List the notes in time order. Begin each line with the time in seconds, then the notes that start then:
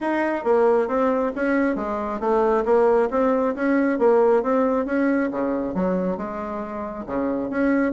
0.00 D#4
0.44 A#3
0.87 C4
1.35 C#4
1.75 G#3
2.20 A3
2.65 A#3
3.10 C4
3.55 C#4
3.98 A#3
4.42 C4
4.85 C#4
5.31 C#3
5.74 F#3
6.17 G#3
7.06 C#3
7.49 C#4